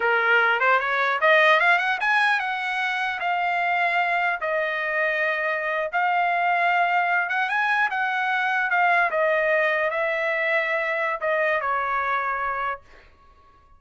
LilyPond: \new Staff \with { instrumentName = "trumpet" } { \time 4/4 \tempo 4 = 150 ais'4. c''8 cis''4 dis''4 | f''8 fis''8 gis''4 fis''2 | f''2. dis''4~ | dis''2~ dis''8. f''4~ f''16~ |
f''2~ f''16 fis''8 gis''4 fis''16~ | fis''4.~ fis''16 f''4 dis''4~ dis''16~ | dis''8. e''2.~ e''16 | dis''4 cis''2. | }